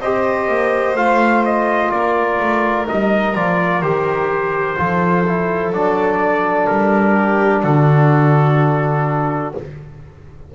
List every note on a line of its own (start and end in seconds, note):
0.00 0.48 C4
0.00 0.96 G4
0.00 1.91 C5
0.00 0.96 D#5
0.48 0.95 A#3
0.95 1.90 A3
0.95 2.86 F4
0.95 1.44 F5
1.45 1.90 D#5
1.90 2.39 A#3
1.90 4.78 A#4
1.90 2.86 D5
2.40 2.87 A3
2.86 3.35 G3
2.86 3.33 D#4
2.86 3.35 D#5
3.35 3.82 F3
3.35 3.82 F4
3.35 3.82 D5
3.82 4.77 D#3
3.82 4.76 G4
3.82 5.72 C5
4.76 5.72 F3
4.76 5.24 F4
4.76 7.13 A4
5.26 5.74 E4
5.72 6.67 F#3
5.72 9.55 D4
5.72 6.66 D5
6.66 7.63 G3
6.66 7.61 A#4
7.13 7.61 G4
7.63 9.54 D3
7.63 9.53 F#4
7.63 9.54 A4